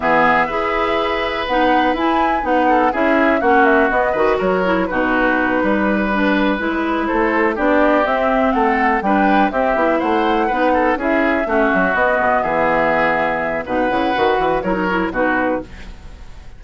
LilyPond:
<<
  \new Staff \with { instrumentName = "flute" } { \time 4/4 \tempo 4 = 123 e''2. fis''4 | gis''4 fis''4 e''4 fis''8 e''8 | dis''4 cis''4 b'2~ | b'2~ b'8 c''4 d''8~ |
d''8 e''4 fis''4 g''4 e''8~ | e''8 fis''2 e''4.~ | e''8 dis''4 e''2~ e''8 | fis''2 cis''4 b'4 | }
  \new Staff \with { instrumentName = "oboe" } { \time 4/4 gis'4 b'2.~ | b'4. a'8 gis'4 fis'4~ | fis'8 b'8 ais'4 fis'4. b'8~ | b'2~ b'8 a'4 g'8~ |
g'4. a'4 b'4 g'8~ | g'8 c''4 b'8 a'8 gis'4 fis'8~ | fis'4. gis'2~ gis'8 | b'2 ais'4 fis'4 | }
  \new Staff \with { instrumentName = "clarinet" } { \time 4/4 b4 gis'2 dis'4 | e'4 dis'4 e'4 cis'4 | b8 fis'4 e'8 dis'2~ | dis'8 d'4 e'2 d'8~ |
d'8 c'2 d'4 c'8 | e'4. dis'4 e'4 cis'8~ | cis'8 b2.~ b8 | dis'8 e'8 fis'4 e'16 dis'16 e'8 dis'4 | }
  \new Staff \with { instrumentName = "bassoon" } { \time 4/4 e4 e'2 b4 | e'4 b4 cis'4 ais4 | b8 dis8 fis4 b,4. g8~ | g4. gis4 a4 b8~ |
b8 c'4 a4 g4 c'8 | b8 a4 b4 cis'4 a8 | fis8 b8 b,8 e2~ e8 | b,8 cis8 dis8 e8 fis4 b,4 | }
>>